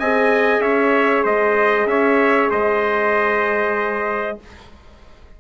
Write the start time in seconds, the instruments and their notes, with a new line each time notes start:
0.00 bassoon C4, horn G#4, trumpet D#5 G#5
0.60 bassoon C#4, trumpet C#5 E5
1.24 bassoon G#3, trumpet C5 D#5
1.86 bassoon C#4, trumpet C#5 E5
2.51 bassoon G#3, trumpet C5 D#5